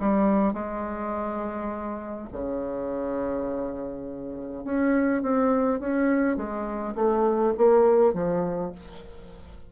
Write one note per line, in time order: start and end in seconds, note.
0.00 0.53 G3
0.53 2.28 G#3
2.33 4.64 C#3
4.64 5.22 C#4
5.22 5.80 C4
5.80 6.37 C#4
6.37 6.95 G#3
6.95 7.54 A3
7.58 8.14 A#3
8.14 8.72 F3